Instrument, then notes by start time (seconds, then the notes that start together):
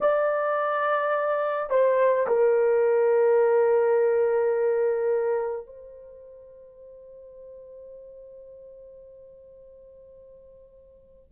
horn
0.01 D5
1.70 C5
2.27 A#4
5.66 C5